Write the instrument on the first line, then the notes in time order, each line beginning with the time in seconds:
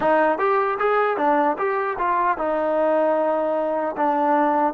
trombone
0.00 D#4
0.38 G4
0.79 G#4
1.17 D4
1.58 G4
1.98 F4
2.37 D#4
3.96 D4